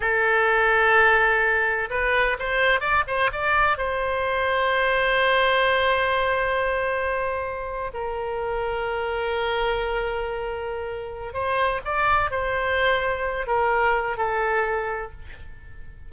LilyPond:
\new Staff \with { instrumentName = "oboe" } { \time 4/4 \tempo 4 = 127 a'1 | b'4 c''4 d''8 c''8 d''4 | c''1~ | c''1~ |
c''8. ais'2.~ ais'16~ | ais'1 | c''4 d''4 c''2~ | c''8 ais'4. a'2 | }